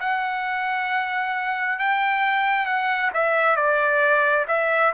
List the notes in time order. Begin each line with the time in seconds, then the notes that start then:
0.00 F#5
1.79 G5
2.66 F#5
3.14 E5
3.57 D5
4.48 E5